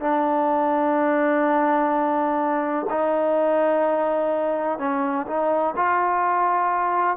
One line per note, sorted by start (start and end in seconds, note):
0.00 2.86 D4
2.89 4.78 D#4
4.78 5.26 C#4
5.26 5.74 D#4
5.76 7.17 F4